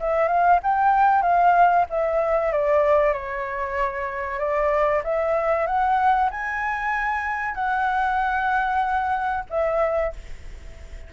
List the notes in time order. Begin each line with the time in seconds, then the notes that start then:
0.00 E5
0.28 F5
0.63 G5
1.22 F5
1.90 E5
2.52 D5
3.13 C#5
4.39 D5
5.04 E5
5.67 F#5
6.30 G#5
7.55 F#5
9.50 E5